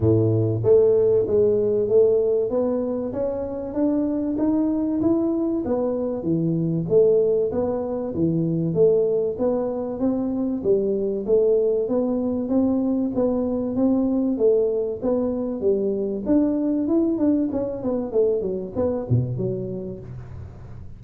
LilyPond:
\new Staff \with { instrumentName = "tuba" } { \time 4/4 \tempo 4 = 96 a,4 a4 gis4 a4 | b4 cis'4 d'4 dis'4 | e'4 b4 e4 a4 | b4 e4 a4 b4 |
c'4 g4 a4 b4 | c'4 b4 c'4 a4 | b4 g4 d'4 e'8 d'8 | cis'8 b8 a8 fis8 b8 b,8 fis4 | }